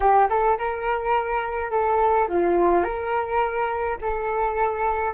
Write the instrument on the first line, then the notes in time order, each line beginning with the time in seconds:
flute
0.00 G4
0.29 A4
0.58 A#4
1.70 A4
2.28 F4
2.83 A#4
4.01 A4